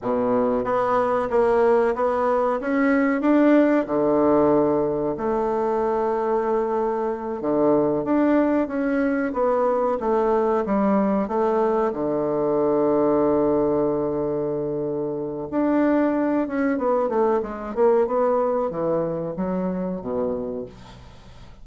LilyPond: \new Staff \with { instrumentName = "bassoon" } { \time 4/4 \tempo 4 = 93 b,4 b4 ais4 b4 | cis'4 d'4 d2 | a2.~ a8 d8~ | d8 d'4 cis'4 b4 a8~ |
a8 g4 a4 d4.~ | d1 | d'4. cis'8 b8 a8 gis8 ais8 | b4 e4 fis4 b,4 | }